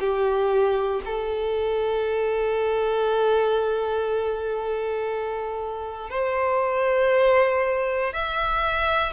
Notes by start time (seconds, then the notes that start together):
0.00 G4
1.06 A4
6.10 C5
8.14 E5